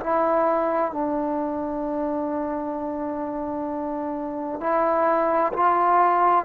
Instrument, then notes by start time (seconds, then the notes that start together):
trombone
0.00 E4
0.92 D4
4.60 E4
5.53 F4